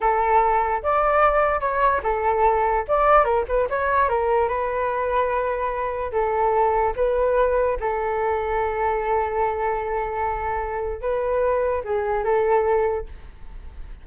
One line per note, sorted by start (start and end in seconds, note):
0.00 0.82 A4
0.82 1.60 D5
1.60 2.01 C#5
2.03 2.85 A4
2.87 3.24 D5
3.24 3.45 A#4
3.47 3.68 B4
3.69 4.09 C#5
4.09 4.48 A#4
4.48 6.11 B4
6.12 6.93 A4
6.96 7.77 B4
7.80 11.01 A4
11.01 11.82 B4
11.84 12.24 G#4
12.24 13.05 A4